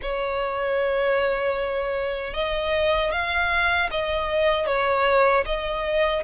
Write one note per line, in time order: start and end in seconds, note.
0.02 2.33 C#5
2.33 3.11 D#5
3.11 3.89 F5
3.90 4.66 D#5
4.66 5.44 C#5
5.45 6.23 D#5